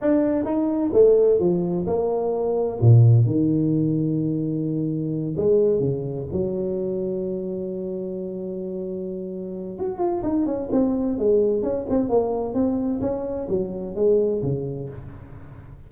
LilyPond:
\new Staff \with { instrumentName = "tuba" } { \time 4/4 \tempo 4 = 129 d'4 dis'4 a4 f4 | ais2 ais,4 dis4~ | dis2.~ dis8 gis8~ | gis8 cis4 fis2~ fis8~ |
fis1~ | fis4 fis'8 f'8 dis'8 cis'8 c'4 | gis4 cis'8 c'8 ais4 c'4 | cis'4 fis4 gis4 cis4 | }